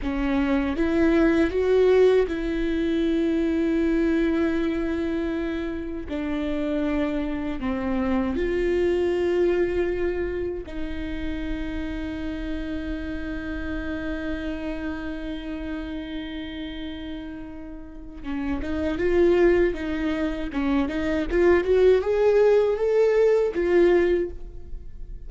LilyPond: \new Staff \with { instrumentName = "viola" } { \time 4/4 \tempo 4 = 79 cis'4 e'4 fis'4 e'4~ | e'1 | d'2 c'4 f'4~ | f'2 dis'2~ |
dis'1~ | dis'1 | cis'8 dis'8 f'4 dis'4 cis'8 dis'8 | f'8 fis'8 gis'4 a'4 f'4 | }